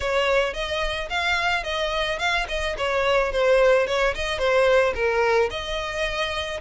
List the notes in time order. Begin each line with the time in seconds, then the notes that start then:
0.00 C#5
0.53 D#5
1.09 F5
1.63 D#5
2.19 F5
2.48 D#5
2.77 C#5
3.32 C5
3.86 C#5
4.14 D#5
4.38 C5
4.94 A#4
5.50 D#5